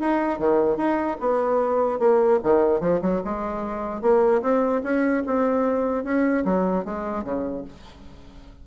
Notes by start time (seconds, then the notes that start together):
0.00 D#4
0.39 D#3
0.77 D#4
1.20 B3
1.99 A#3
2.43 D#3
2.80 F3
3.01 F#3
3.24 G#3
4.01 A#3
4.42 C4
4.83 C#4
5.26 C4
6.04 C#4
6.44 F#3
6.85 G#3
7.24 C#3